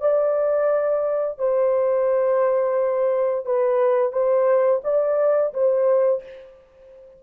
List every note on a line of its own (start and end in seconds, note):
0.00 1.38 D5
1.38 3.45 C5
3.45 4.12 B4
4.12 4.81 C5
4.84 5.53 D5
5.54 6.23 C5